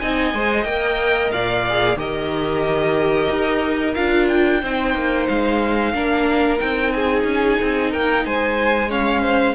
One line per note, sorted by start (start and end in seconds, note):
0.00 0.34 C4
0.00 0.35 D#4
0.00 1.34 D#5
0.00 0.64 G#5
0.34 0.65 G#3
0.34 0.66 C5
0.64 1.31 A#3
0.64 1.65 A#4
0.64 1.30 G5
1.32 1.96 A#2
1.32 1.98 D5
1.32 1.98 F5
1.69 1.97 G#4
1.96 3.28 D#3
1.96 3.95 G4
1.96 4.61 A#4
1.96 3.95 D#5
3.30 3.96 D#4
3.95 4.63 D4
3.95 4.62 F4
3.95 4.28 F5
4.28 5.27 G5
4.62 4.95 C4
4.62 5.94 D#4
4.62 5.94 C5
4.95 5.28 A#3
5.29 5.94 G#3
5.29 6.60 F5
5.94 6.60 A#3
5.94 6.58 D4
5.94 6.94 A#4
6.58 7.24 C4
6.58 8.89 D#4
6.58 6.93 G5
6.93 7.91 G#4
6.93 7.92 G#5
7.24 7.57 C#4
7.61 7.94 C4
7.91 8.25 A#3
7.91 8.24 A#4
7.91 8.26 G5
8.25 9.55 G#3
8.25 8.89 C5
8.25 8.91 G#5
8.89 9.55 C#4
8.89 9.22 C#5
8.89 9.55 F5
9.22 9.55 C5